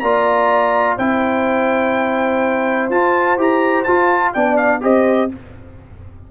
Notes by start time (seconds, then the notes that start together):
0.00 A#3 F4 D5 A#5
0.97 C4 E4 C5 G5
2.90 F4 A5
3.38 E4 G4 A#5
3.84 F4 A5
4.33 B3 D4 D5 G5
4.57 F5
4.81 C4 G4 C5 D#5